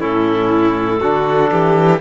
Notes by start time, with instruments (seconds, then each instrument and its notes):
0.00 cello A2, trombone C#4, violin E4, clarinet A4
1.01 cello D3, trombone D4, violin F#4
1.51 cello E3, violin G4